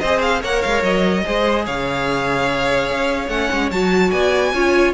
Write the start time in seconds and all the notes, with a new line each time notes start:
0.00 C4 G#4 C5 D#5
0.22 F5
0.42 A#3 A#4 C#5 F#5
0.62 G#3 F5
0.83 F#3 D#5
1.25 G#3 G#4 C5
1.66 C#3 C#5 F5
2.90 C#4
3.28 A3 C#4 F#5
3.53 G#3
3.71 F#3 F#4 A5
4.11 B3 D5 G#5
4.53 C#4 F4 C#5